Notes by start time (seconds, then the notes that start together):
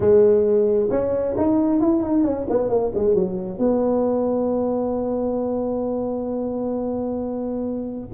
0.00 G#3
0.90 C#4
1.37 D#4
1.80 E4
2.02 D#4
2.24 C#4
2.49 B3
2.69 A#3
2.94 G#3
3.14 F#3
3.58 B3